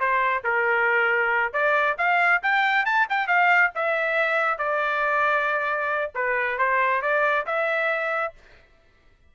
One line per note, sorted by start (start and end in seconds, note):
0.00 0.44 C5
0.44 1.53 A#4
1.53 1.97 D5
1.98 2.42 F5
2.43 2.85 G5
2.85 3.07 A5
3.10 3.27 G5
3.27 3.71 F5
3.75 4.59 E5
4.59 6.12 D5
6.15 6.58 B4
6.58 7.02 C5
7.02 7.46 D5
7.47 8.34 E5